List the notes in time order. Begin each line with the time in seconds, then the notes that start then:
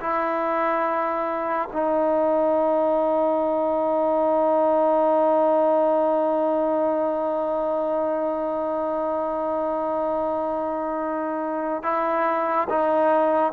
0.00 E4
1.72 D#4
11.83 E4
12.69 D#4